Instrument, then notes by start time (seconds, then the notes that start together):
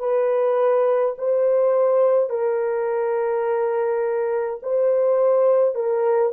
horn
0.00 B4
1.19 C5
2.30 A#4
4.63 C5
5.75 A#4